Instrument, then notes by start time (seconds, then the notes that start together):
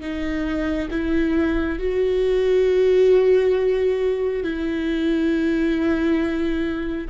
viola
0.00 D#4
0.90 E4
1.78 F#4
4.43 E4